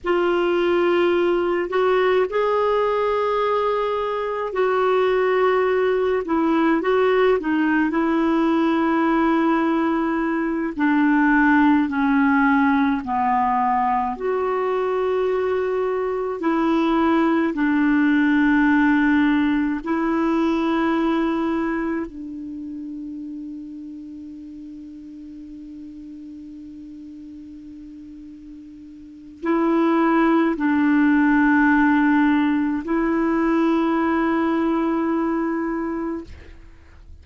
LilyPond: \new Staff \with { instrumentName = "clarinet" } { \time 4/4 \tempo 4 = 53 f'4. fis'8 gis'2 | fis'4. e'8 fis'8 dis'8 e'4~ | e'4. d'4 cis'4 b8~ | b8 fis'2 e'4 d'8~ |
d'4. e'2 d'8~ | d'1~ | d'2 e'4 d'4~ | d'4 e'2. | }